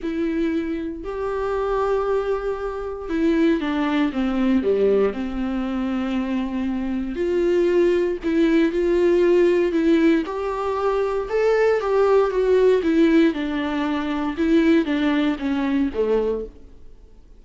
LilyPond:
\new Staff \with { instrumentName = "viola" } { \time 4/4 \tempo 4 = 117 e'2 g'2~ | g'2 e'4 d'4 | c'4 g4 c'2~ | c'2 f'2 |
e'4 f'2 e'4 | g'2 a'4 g'4 | fis'4 e'4 d'2 | e'4 d'4 cis'4 a4 | }